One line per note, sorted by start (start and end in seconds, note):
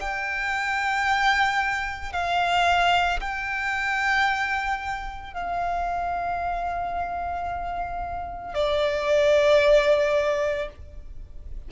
0.00 2.13 G5
2.13 3.20 F5
3.20 5.33 G5
5.33 8.54 F5
8.54 10.69 D5